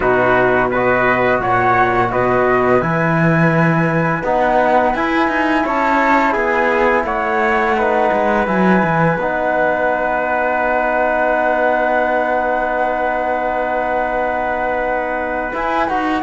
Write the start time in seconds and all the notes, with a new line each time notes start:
0.00 B2 D#4 F#4 B4
0.70 F#4 B4 D#5
1.40 A#2 C#5 F#5
2.11 B2 B4 D#5
2.81 E3 E4 G#5
4.23 B3 D#4 F#5
4.94 E4 G#5
5.28 D#4
5.64 C#4 C#5 A5
6.32 B3 G#4 G#5
7.04 A3 C#5 F#5
7.77 D#4 B4
8.12 G#3
8.46 F#3 E4 G#5
8.83 E3
9.16 B3 D#4 F#5
15.53 E4 G#5
15.88 D#4 F#4 F#5